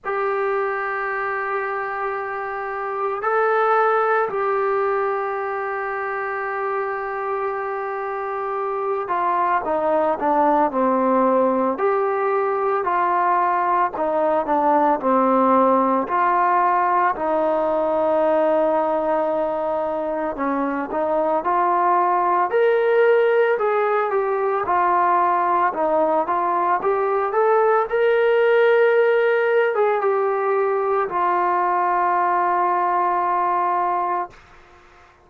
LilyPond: \new Staff \with { instrumentName = "trombone" } { \time 4/4 \tempo 4 = 56 g'2. a'4 | g'1~ | g'8 f'8 dis'8 d'8 c'4 g'4 | f'4 dis'8 d'8 c'4 f'4 |
dis'2. cis'8 dis'8 | f'4 ais'4 gis'8 g'8 f'4 | dis'8 f'8 g'8 a'8 ais'4.~ ais'16 gis'16 | g'4 f'2. | }